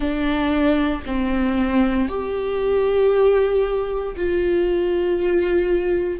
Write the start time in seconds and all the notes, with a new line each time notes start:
0.00 D4
1.06 C4
2.08 G4
4.16 F4